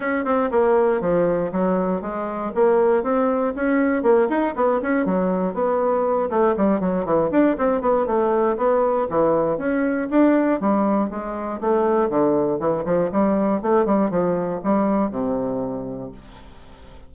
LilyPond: \new Staff \with { instrumentName = "bassoon" } { \time 4/4 \tempo 4 = 119 cis'8 c'8 ais4 f4 fis4 | gis4 ais4 c'4 cis'4 | ais8 dis'8 b8 cis'8 fis4 b4~ | b8 a8 g8 fis8 e8 d'8 c'8 b8 |
a4 b4 e4 cis'4 | d'4 g4 gis4 a4 | d4 e8 f8 g4 a8 g8 | f4 g4 c2 | }